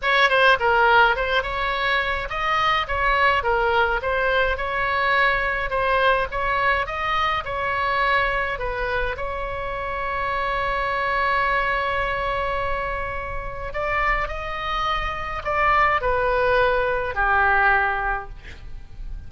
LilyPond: \new Staff \with { instrumentName = "oboe" } { \time 4/4 \tempo 4 = 105 cis''8 c''8 ais'4 c''8 cis''4. | dis''4 cis''4 ais'4 c''4 | cis''2 c''4 cis''4 | dis''4 cis''2 b'4 |
cis''1~ | cis''1 | d''4 dis''2 d''4 | b'2 g'2 | }